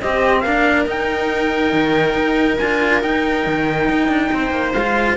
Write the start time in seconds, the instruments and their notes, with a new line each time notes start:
0.00 cello C4, viola G4, trumpet D#5
0.41 cello A#3 D4, viola A#4, trumpet F5
0.86 cello D#4, trumpet G5
1.73 cello D#3
2.14 cello D#4
2.58 cello D4 F4, trumpet G#5
3.02 cello D#4, trumpet G5
3.46 cello D#3
3.89 cello D#4
4.09 cello D4
4.33 cello C4, viola C5
4.51 cello A#3
4.73 cello G#3 F4, trumpet F5